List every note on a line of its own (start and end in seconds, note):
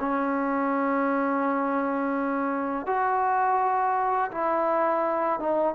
0.00 2.87 C#4
2.87 4.31 F#4
4.31 5.40 E4
5.40 5.75 D#4